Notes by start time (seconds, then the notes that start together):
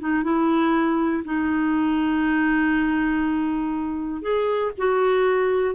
0.00 D#4
0.24 E4
1.25 D#4
4.22 G#4
4.78 F#4